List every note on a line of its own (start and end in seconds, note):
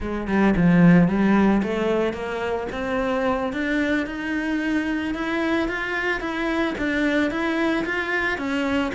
0.00 0.27 G#3
0.27 0.54 G3
0.56 1.08 F3
1.08 1.62 G3
1.62 2.13 A3
2.13 2.67 A#3
2.71 3.53 C4
3.53 4.06 D4
4.06 5.14 D#4
5.14 5.68 E4
5.68 6.20 F4
6.20 6.74 E4
6.77 7.30 D4
7.30 7.85 E4
7.85 8.38 F4
8.38 8.92 C#4